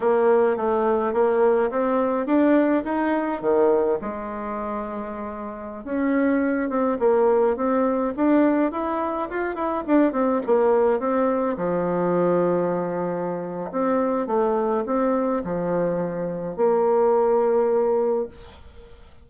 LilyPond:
\new Staff \with { instrumentName = "bassoon" } { \time 4/4 \tempo 4 = 105 ais4 a4 ais4 c'4 | d'4 dis'4 dis4 gis4~ | gis2~ gis16 cis'4. c'16~ | c'16 ais4 c'4 d'4 e'8.~ |
e'16 f'8 e'8 d'8 c'8 ais4 c'8.~ | c'16 f2.~ f8. | c'4 a4 c'4 f4~ | f4 ais2. | }